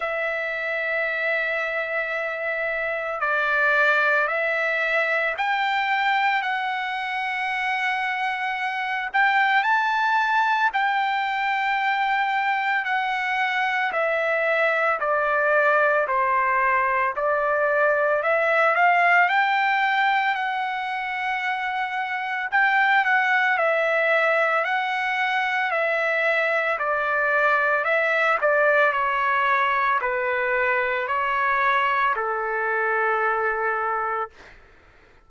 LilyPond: \new Staff \with { instrumentName = "trumpet" } { \time 4/4 \tempo 4 = 56 e''2. d''4 | e''4 g''4 fis''2~ | fis''8 g''8 a''4 g''2 | fis''4 e''4 d''4 c''4 |
d''4 e''8 f''8 g''4 fis''4~ | fis''4 g''8 fis''8 e''4 fis''4 | e''4 d''4 e''8 d''8 cis''4 | b'4 cis''4 a'2 | }